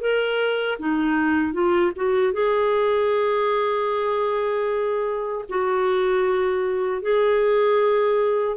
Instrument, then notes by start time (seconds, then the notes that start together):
clarinet
0.00 A#4
0.79 D#4
1.53 F4
1.95 F#4
2.33 G#4
5.49 F#4
7.01 G#4